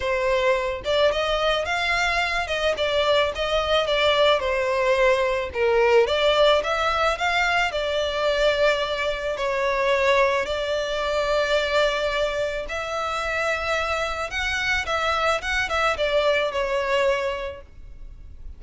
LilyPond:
\new Staff \with { instrumentName = "violin" } { \time 4/4 \tempo 4 = 109 c''4. d''8 dis''4 f''4~ | f''8 dis''8 d''4 dis''4 d''4 | c''2 ais'4 d''4 | e''4 f''4 d''2~ |
d''4 cis''2 d''4~ | d''2. e''4~ | e''2 fis''4 e''4 | fis''8 e''8 d''4 cis''2 | }